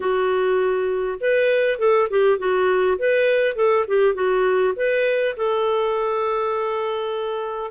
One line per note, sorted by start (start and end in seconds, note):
0.00 1.19 F#4
1.20 1.78 B4
1.78 2.08 A4
2.10 2.38 G4
2.38 2.97 F#4
2.98 3.55 B4
3.55 3.85 A4
3.87 4.14 G4
4.14 4.74 F#4
4.76 5.35 B4
5.36 7.71 A4